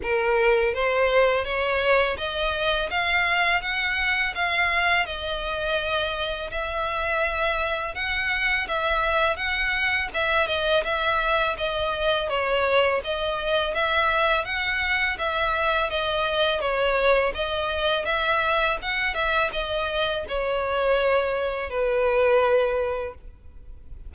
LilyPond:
\new Staff \with { instrumentName = "violin" } { \time 4/4 \tempo 4 = 83 ais'4 c''4 cis''4 dis''4 | f''4 fis''4 f''4 dis''4~ | dis''4 e''2 fis''4 | e''4 fis''4 e''8 dis''8 e''4 |
dis''4 cis''4 dis''4 e''4 | fis''4 e''4 dis''4 cis''4 | dis''4 e''4 fis''8 e''8 dis''4 | cis''2 b'2 | }